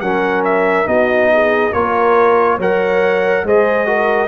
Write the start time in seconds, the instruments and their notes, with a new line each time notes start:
0.00 tuba F#3, trombone C#4, horn A#4, trumpet F#5
0.45 trumpet E5
0.85 tuba B3, trombone D#4, horn F#4, trumpet D#5
1.33 horn G#4
1.73 tuba A#3, trombone F4, horn A#4, trumpet C#5
2.57 tuba F#3, trombone A#4, horn C#5, trumpet F#5
3.43 tuba G#3, trombone G#4, horn C5, trumpet D#5
3.86 trombone F#4, horn A#4